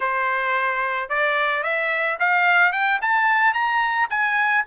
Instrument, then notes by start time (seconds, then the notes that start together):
trumpet
0.00 C5
1.09 D5
1.63 E5
2.19 F5
2.72 G5
3.01 A5
3.53 A#5
4.10 G#5